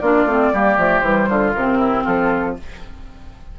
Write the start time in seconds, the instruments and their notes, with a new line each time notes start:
0.00 bassoon A#3, clarinet D4, oboe F4, flute D5
0.25 bassoon A3, clarinet C4
0.54 bassoon G3, clarinet A#3, oboe G4
0.78 bassoon F3, clarinet A3
1.00 bassoon E3, clarinet G3, flute C5
1.29 bassoon D3, oboe F4
1.54 bassoon C3, clarinet C4, flute A#4
1.78 oboe E4
2.04 bassoon F3, oboe F4, flute A4